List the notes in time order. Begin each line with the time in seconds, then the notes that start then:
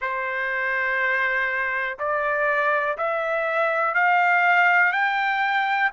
0.00 C5
1.99 D5
2.97 E5
3.94 F5
4.92 G5